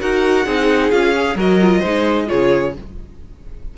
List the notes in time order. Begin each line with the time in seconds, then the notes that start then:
0.00 D#4 F#4 A#4 F#5
0.45 C4 D#4 G#4
0.90 C#4 F4 F5
1.15 G#4
1.35 F#3 F#4 A#4 D#5
1.61 F4
1.79 G#3 D#4 C5
2.27 C#3 F4 G#4 C#5